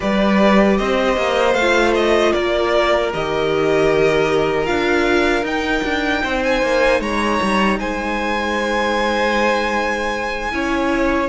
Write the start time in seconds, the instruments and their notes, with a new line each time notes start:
0.00 cello G3, viola G4, violin B4 D5
0.77 cello C4, violin C5 D#5
1.16 cello A#3
1.54 cello A3, violin F5
1.60 viola F4
1.94 violin D#5
2.32 cello A#3, violin A#4 D5
3.13 cello D#3, viola G4, violin D#5
4.65 cello D4, viola F4, violin F5
5.42 cello D#4, viola D#4, violin G5
5.84 cello D4
6.23 cello C4, violin C5
6.43 violin G#5
6.62 cello A#3
7.00 cello G#3, violin C#5 A#5
7.42 cello G3
7.79 cello G#3, violin C5 G#5
10.51 cello C#4, viola E4, violin C#5